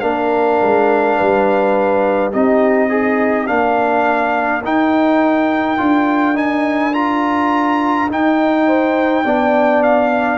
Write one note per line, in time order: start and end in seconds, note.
0.00 0.61 A#3
0.00 2.32 D4
0.00 1.17 A#4
0.00 2.31 F5
0.62 1.20 G#3
1.17 2.34 G3
1.17 2.31 B4
2.31 3.49 C4
2.31 2.90 D#4
2.31 2.89 G4
2.31 3.47 D#5
2.90 3.49 D#4
2.90 3.47 G#4
3.47 4.64 A#3
3.47 4.62 D4
3.47 8.67 A#4
3.47 4.63 F5
4.64 5.79 D#4
4.64 5.78 D#4
4.64 6.37 G5
5.78 8.11 D4
5.78 6.35 F4
6.35 6.92 D#4
6.35 6.94 G#5
6.93 8.08 F4
6.93 8.10 A#5
8.09 9.25 D#4
8.09 9.83 G5
8.67 9.25 C5
9.25 10.38 B3
9.25 10.38 D4
9.25 10.38 D5
9.83 10.38 F5